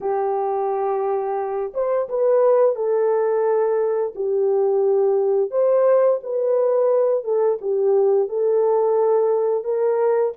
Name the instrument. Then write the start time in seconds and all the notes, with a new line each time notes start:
horn
0.00 G4
1.73 C5
2.08 B4
2.75 A4
4.15 G4
5.50 C5
6.23 B4
7.24 A4
7.61 G4
8.29 A4
9.64 A#4